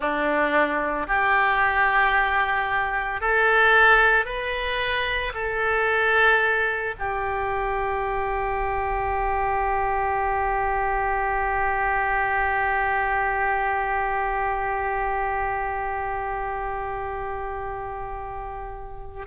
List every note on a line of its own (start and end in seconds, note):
0.00 1.07 D4
1.07 3.20 G4
3.20 4.25 A4
4.25 5.32 B4
5.34 6.94 A4
6.98 19.26 G4